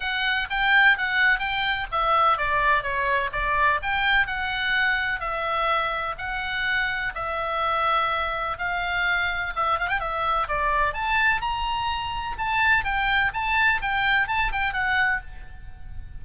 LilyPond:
\new Staff \with { instrumentName = "oboe" } { \time 4/4 \tempo 4 = 126 fis''4 g''4 fis''4 g''4 | e''4 d''4 cis''4 d''4 | g''4 fis''2 e''4~ | e''4 fis''2 e''4~ |
e''2 f''2 | e''8 f''16 g''16 e''4 d''4 a''4 | ais''2 a''4 g''4 | a''4 g''4 a''8 g''8 fis''4 | }